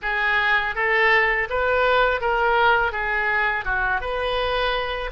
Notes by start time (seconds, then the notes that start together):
0.02 G#4
0.75 A4
1.49 B4
2.20 A#4
2.92 G#4
3.64 F#4
4.00 B4